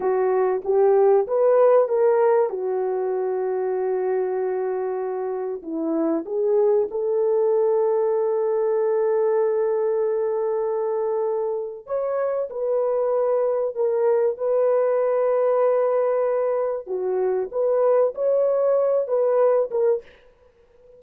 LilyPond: \new Staff \with { instrumentName = "horn" } { \time 4/4 \tempo 4 = 96 fis'4 g'4 b'4 ais'4 | fis'1~ | fis'4 e'4 gis'4 a'4~ | a'1~ |
a'2. cis''4 | b'2 ais'4 b'4~ | b'2. fis'4 | b'4 cis''4. b'4 ais'8 | }